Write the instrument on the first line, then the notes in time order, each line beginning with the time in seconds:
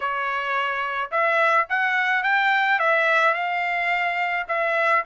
trumpet
0.00 C#5
1.11 E5
1.69 F#5
2.23 G5
2.79 E5
3.34 F5
4.47 E5